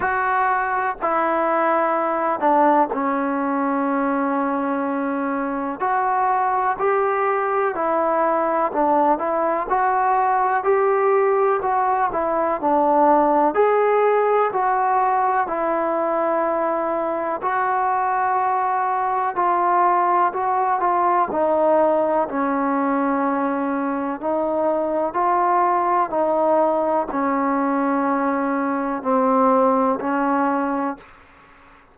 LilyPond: \new Staff \with { instrumentName = "trombone" } { \time 4/4 \tempo 4 = 62 fis'4 e'4. d'8 cis'4~ | cis'2 fis'4 g'4 | e'4 d'8 e'8 fis'4 g'4 | fis'8 e'8 d'4 gis'4 fis'4 |
e'2 fis'2 | f'4 fis'8 f'8 dis'4 cis'4~ | cis'4 dis'4 f'4 dis'4 | cis'2 c'4 cis'4 | }